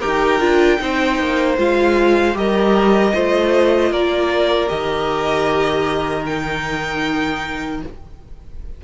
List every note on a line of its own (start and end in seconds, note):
0.00 0.39 D#4
0.00 0.39 G4
0.00 0.78 A#4
0.00 1.56 G5
0.39 0.78 D4
0.39 0.78 F4
0.79 1.19 C4
0.79 1.56 D#4
0.79 2.36 C5
1.19 1.57 A#3
1.57 2.34 G#3
1.57 2.33 F4
1.57 2.37 F5
2.33 3.12 G3
2.33 3.11 G4
2.33 3.13 A#4
2.33 3.92 D#5
3.13 3.91 A3
3.13 4.67 F4
3.13 3.91 C5
3.91 4.69 A#3
3.91 7.81 A#4
3.91 4.69 D5
4.67 7.82 D#3
4.67 6.23 G4
4.67 6.24 D#5
6.25 7.83 D#4
6.25 7.81 G5